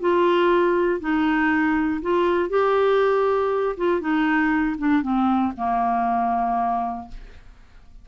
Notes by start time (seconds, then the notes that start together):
0.00 F4
1.00 D#4
2.01 F4
2.49 G4
3.77 F4
4.00 D#4
4.78 D4
5.02 C4
5.57 A#3